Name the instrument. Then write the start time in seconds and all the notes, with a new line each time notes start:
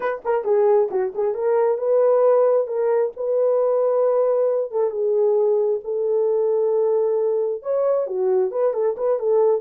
horn
0.00 B4
0.24 A#4
0.44 G#4
0.90 F#4
1.14 G#4
1.34 A#4
1.77 B4
2.67 A#4
3.16 B4
4.71 A4
4.90 G#4
5.84 A4
7.62 C#5
8.06 F#4
8.51 B4
8.73 A4
8.97 B4
9.19 A4